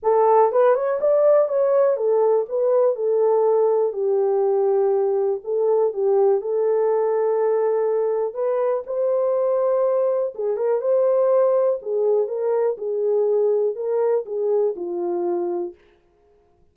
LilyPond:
\new Staff \with { instrumentName = "horn" } { \time 4/4 \tempo 4 = 122 a'4 b'8 cis''8 d''4 cis''4 | a'4 b'4 a'2 | g'2. a'4 | g'4 a'2.~ |
a'4 b'4 c''2~ | c''4 gis'8 ais'8 c''2 | gis'4 ais'4 gis'2 | ais'4 gis'4 f'2 | }